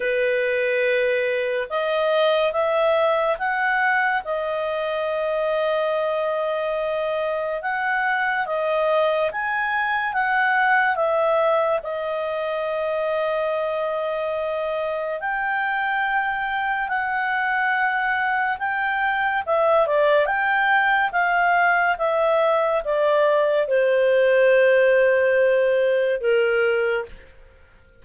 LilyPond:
\new Staff \with { instrumentName = "clarinet" } { \time 4/4 \tempo 4 = 71 b'2 dis''4 e''4 | fis''4 dis''2.~ | dis''4 fis''4 dis''4 gis''4 | fis''4 e''4 dis''2~ |
dis''2 g''2 | fis''2 g''4 e''8 d''8 | g''4 f''4 e''4 d''4 | c''2. ais'4 | }